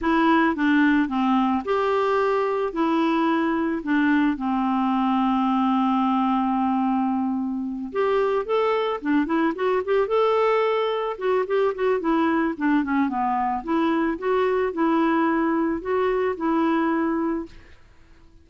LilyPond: \new Staff \with { instrumentName = "clarinet" } { \time 4/4 \tempo 4 = 110 e'4 d'4 c'4 g'4~ | g'4 e'2 d'4 | c'1~ | c'2~ c'8 g'4 a'8~ |
a'8 d'8 e'8 fis'8 g'8 a'4.~ | a'8 fis'8 g'8 fis'8 e'4 d'8 cis'8 | b4 e'4 fis'4 e'4~ | e'4 fis'4 e'2 | }